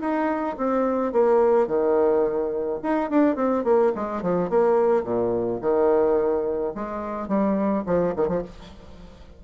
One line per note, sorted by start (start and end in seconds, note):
0.00 0.56 D#4
0.57 1.12 C4
1.12 1.67 A#3
1.67 2.79 D#3
2.82 3.10 D#4
3.10 3.36 D4
3.36 3.64 C4
3.64 3.92 A#3
3.95 4.22 G#3
4.22 4.49 F3
4.49 5.03 A#3
5.03 5.59 A#2
5.61 6.73 D#3
6.75 7.28 G#3
7.28 7.84 G3
7.86 8.14 F3
8.16 8.28 D#3
8.28 8.42 F3